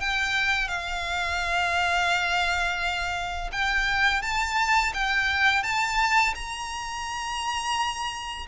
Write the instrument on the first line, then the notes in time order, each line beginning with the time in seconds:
violin
0.00 G5
0.68 F5
3.52 G5
4.22 A5
4.94 G5
5.63 A5
6.35 A#5